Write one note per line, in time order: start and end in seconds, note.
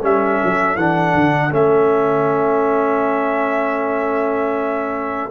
0.00 0.41 G3
0.00 0.78 C#4
0.00 5.31 A4
0.00 0.77 E5
0.44 0.76 F#3
0.76 1.14 E3
0.76 1.50 D4
0.76 1.53 F#5
1.15 1.52 D3
1.50 5.31 A3
1.50 5.30 C#4
1.50 5.31 E5